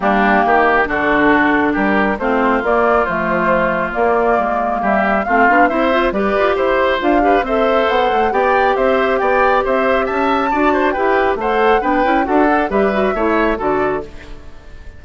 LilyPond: <<
  \new Staff \with { instrumentName = "flute" } { \time 4/4 \tempo 4 = 137 g'2 a'2 | ais'4 c''4 d''4 c''4~ | c''4 d''2 e''4 | f''4 e''4 d''4 c''4 |
f''4 e''4 fis''4 g''4 | e''4 g''4 e''4 a''4~ | a''4 g''4 fis''4 g''4 | fis''4 e''2 d''4 | }
  \new Staff \with { instrumentName = "oboe" } { \time 4/4 d'4 g'4 fis'2 | g'4 f'2.~ | f'2. g'4 | f'4 c''4 b'4 c''4~ |
c''8 b'8 c''2 d''4 | c''4 d''4 c''4 e''4 | d''8 c''8 b'4 c''4 b'4 | a'4 b'4 cis''4 a'4 | }
  \new Staff \with { instrumentName = "clarinet" } { \time 4/4 ais2 d'2~ | d'4 c'4 ais4 a4~ | a4 ais2. | c'8 d'8 e'8 f'8 g'2 |
f'8 g'8 a'2 g'4~ | g'1 | fis'4 g'4 a'4 d'8 e'8 | fis'8 a'8 g'8 fis'8 e'4 fis'4 | }
  \new Staff \with { instrumentName = "bassoon" } { \time 4/4 g4 dis4 d2 | g4 a4 ais4 f4~ | f4 ais4 gis4 g4 | a8 b8 c'4 g8 f'8 e'4 |
d'4 c'4 b8 a8 b4 | c'4 b4 c'4 cis'4 | d'4 e'4 a4 b8 cis'8 | d'4 g4 a4 d4 | }
>>